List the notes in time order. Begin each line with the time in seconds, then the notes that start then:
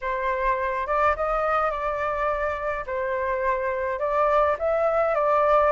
0.01 C5
0.86 D5
1.16 D#5
1.70 D5
2.86 C5
3.99 D5
4.58 E5
5.14 D5